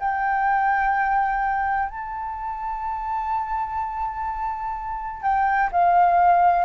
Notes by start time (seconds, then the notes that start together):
0.00 G5
1.89 A5
5.23 G5
5.72 F5